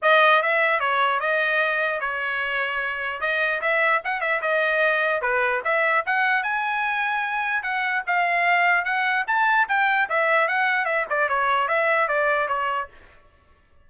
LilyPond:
\new Staff \with { instrumentName = "trumpet" } { \time 4/4 \tempo 4 = 149 dis''4 e''4 cis''4 dis''4~ | dis''4 cis''2. | dis''4 e''4 fis''8 e''8 dis''4~ | dis''4 b'4 e''4 fis''4 |
gis''2. fis''4 | f''2 fis''4 a''4 | g''4 e''4 fis''4 e''8 d''8 | cis''4 e''4 d''4 cis''4 | }